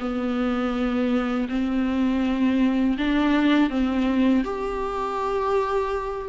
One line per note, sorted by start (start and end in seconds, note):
0.00 1.48 B3
1.49 2.97 C4
2.98 3.70 D4
3.70 4.44 C4
4.44 6.29 G4